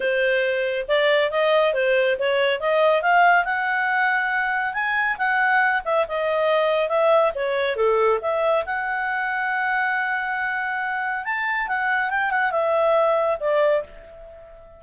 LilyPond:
\new Staff \with { instrumentName = "clarinet" } { \time 4/4 \tempo 4 = 139 c''2 d''4 dis''4 | c''4 cis''4 dis''4 f''4 | fis''2. gis''4 | fis''4. e''8 dis''2 |
e''4 cis''4 a'4 e''4 | fis''1~ | fis''2 a''4 fis''4 | g''8 fis''8 e''2 d''4 | }